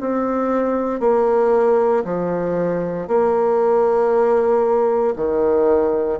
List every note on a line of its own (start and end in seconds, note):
0.00 1.00 C4
1.00 2.03 A#3
2.04 3.07 F3
3.07 5.14 A#3
5.15 6.19 D#3